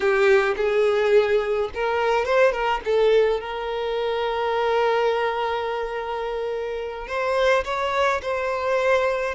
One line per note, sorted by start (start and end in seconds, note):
0.00 0.55 G4
0.56 1.69 G#4
1.74 2.25 A#4
2.25 2.52 C5
2.52 2.80 A#4
2.85 3.40 A4
3.40 7.07 A#4
7.07 7.64 C5
7.64 8.21 C#5
8.22 9.34 C5